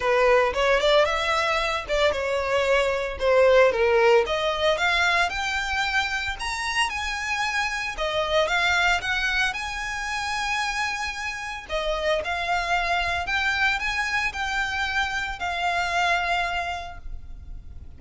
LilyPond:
\new Staff \with { instrumentName = "violin" } { \time 4/4 \tempo 4 = 113 b'4 cis''8 d''8 e''4. d''8 | cis''2 c''4 ais'4 | dis''4 f''4 g''2 | ais''4 gis''2 dis''4 |
f''4 fis''4 gis''2~ | gis''2 dis''4 f''4~ | f''4 g''4 gis''4 g''4~ | g''4 f''2. | }